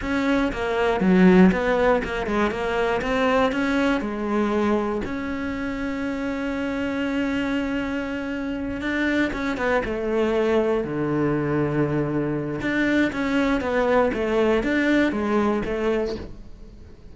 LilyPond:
\new Staff \with { instrumentName = "cello" } { \time 4/4 \tempo 4 = 119 cis'4 ais4 fis4 b4 | ais8 gis8 ais4 c'4 cis'4 | gis2 cis'2~ | cis'1~ |
cis'4. d'4 cis'8 b8 a8~ | a4. d2~ d8~ | d4 d'4 cis'4 b4 | a4 d'4 gis4 a4 | }